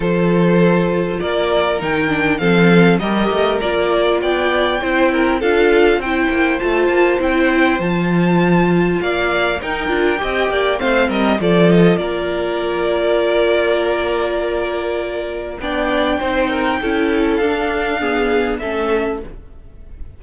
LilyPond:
<<
  \new Staff \with { instrumentName = "violin" } { \time 4/4 \tempo 4 = 100 c''2 d''4 g''4 | f''4 dis''4 d''4 g''4~ | g''4 f''4 g''4 a''4 | g''4 a''2 f''4 |
g''2 f''8 dis''8 d''8 dis''8 | d''1~ | d''2 g''2~ | g''4 f''2 e''4 | }
  \new Staff \with { instrumentName = "violin" } { \time 4/4 a'2 ais'2 | a'4 ais'2 d''4 | c''8 ais'8 a'4 c''2~ | c''2. d''4 |
ais'4 dis''8 d''8 c''8 ais'8 a'4 | ais'1~ | ais'2 d''4 c''8 ais'8 | a'2 gis'4 a'4 | }
  \new Staff \with { instrumentName = "viola" } { \time 4/4 f'2. dis'8 d'8 | c'4 g'4 f'2 | e'4 f'4 e'4 f'4 | e'4 f'2. |
dis'8 f'8 g'4 c'4 f'4~ | f'1~ | f'2 d'4 dis'4 | e'4 d'4 b4 cis'4 | }
  \new Staff \with { instrumentName = "cello" } { \time 4/4 f2 ais4 dis4 | f4 g8 a8 ais4 b4 | c'4 d'4 c'8 ais8 a8 ais8 | c'4 f2 ais4 |
dis'8 d'8 c'8 ais8 a8 g8 f4 | ais1~ | ais2 b4 c'4 | cis'4 d'2 a4 | }
>>